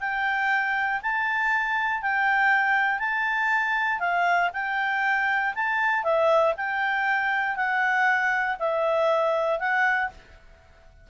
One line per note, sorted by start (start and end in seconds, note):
0.00 1.01 G5
1.02 2.02 A5
2.02 2.99 G5
2.99 3.99 A5
3.99 4.50 F5
4.53 5.54 G5
5.55 6.04 A5
6.04 6.54 E5
6.57 7.56 G5
7.56 8.57 F#5
8.59 9.59 E5
9.59 10.10 F#5